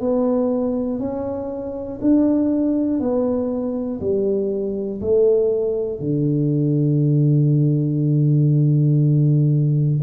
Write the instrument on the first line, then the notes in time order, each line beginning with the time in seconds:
tuba
0.00 B3
1.00 C#4
2.01 D4
3.00 B3
4.00 G3
5.00 A3
6.00 D3